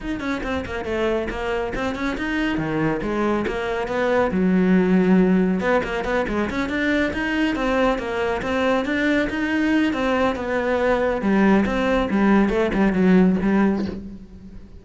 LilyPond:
\new Staff \with { instrumentName = "cello" } { \time 4/4 \tempo 4 = 139 dis'8 cis'8 c'8 ais8 a4 ais4 | c'8 cis'8 dis'4 dis4 gis4 | ais4 b4 fis2~ | fis4 b8 ais8 b8 gis8 cis'8 d'8~ |
d'8 dis'4 c'4 ais4 c'8~ | c'8 d'4 dis'4. c'4 | b2 g4 c'4 | g4 a8 g8 fis4 g4 | }